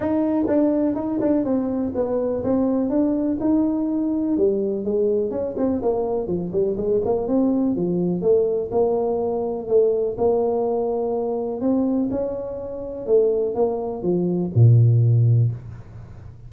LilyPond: \new Staff \with { instrumentName = "tuba" } { \time 4/4 \tempo 4 = 124 dis'4 d'4 dis'8 d'8 c'4 | b4 c'4 d'4 dis'4~ | dis'4 g4 gis4 cis'8 c'8 | ais4 f8 g8 gis8 ais8 c'4 |
f4 a4 ais2 | a4 ais2. | c'4 cis'2 a4 | ais4 f4 ais,2 | }